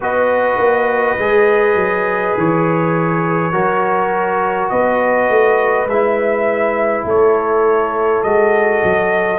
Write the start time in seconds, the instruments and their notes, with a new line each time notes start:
0.00 tuba B3, trombone F#4, horn B4, trumpet D#5
0.57 tuba A#3
1.18 tuba G#3, trombone G#4
1.75 tuba F#3
2.37 tuba E3, trumpet C#5
3.51 tuba F#3, trombone F#4, horn A#4
4.69 tuba B3, horn B4, trumpet D#5
5.29 tuba A3
5.86 tuba G#3, trombone E4, trumpet E5
7.04 tuba A3, horn A4, trumpet C#5
8.23 tuba G#3, trombone F#4, trumpet D#5
8.83 tuba F#3